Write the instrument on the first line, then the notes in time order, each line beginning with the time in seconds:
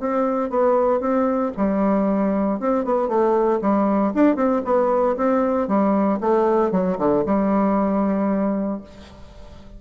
bassoon
0.00 C4
0.50 B3
1.00 C4
1.57 G3
2.60 C4
2.85 B3
3.08 A3
3.62 G3
4.14 D4
4.36 C4
4.65 B3
5.17 C4
5.68 G3
6.21 A3
6.71 F#3
6.98 D3
7.26 G3